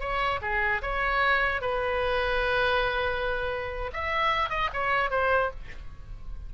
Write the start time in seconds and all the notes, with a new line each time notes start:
0.00 C#5
0.42 G#4
0.82 C#5
1.61 B4
3.93 E5
4.49 D#5
4.73 C#5
5.10 C5